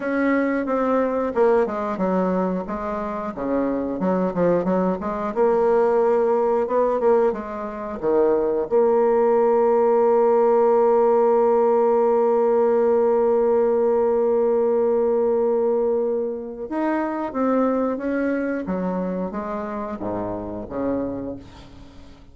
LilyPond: \new Staff \with { instrumentName = "bassoon" } { \time 4/4 \tempo 4 = 90 cis'4 c'4 ais8 gis8 fis4 | gis4 cis4 fis8 f8 fis8 gis8 | ais2 b8 ais8 gis4 | dis4 ais2.~ |
ais1~ | ais1~ | ais4 dis'4 c'4 cis'4 | fis4 gis4 gis,4 cis4 | }